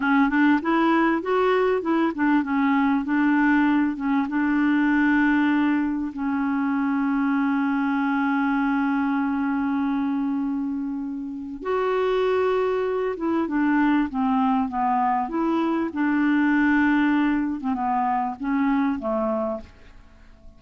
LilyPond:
\new Staff \with { instrumentName = "clarinet" } { \time 4/4 \tempo 4 = 98 cis'8 d'8 e'4 fis'4 e'8 d'8 | cis'4 d'4. cis'8 d'4~ | d'2 cis'2~ | cis'1~ |
cis'2. fis'4~ | fis'4. e'8 d'4 c'4 | b4 e'4 d'2~ | d'8. c'16 b4 cis'4 a4 | }